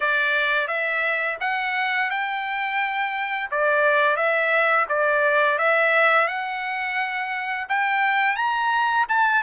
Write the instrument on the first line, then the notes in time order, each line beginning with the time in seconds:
trumpet
0.00 D5
0.67 E5
1.40 F#5
2.10 G5
3.51 D5
4.16 E5
4.88 D5
5.58 E5
6.27 F#5
7.68 G5
8.36 A#5
9.08 A5